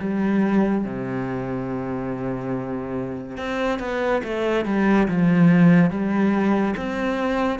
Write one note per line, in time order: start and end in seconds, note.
0.00 0.85 G3
0.85 3.37 C3
3.37 3.80 C4
3.80 4.22 B3
4.24 4.65 A3
4.65 5.07 G3
5.08 5.90 F3
5.90 6.75 G3
6.77 7.59 C4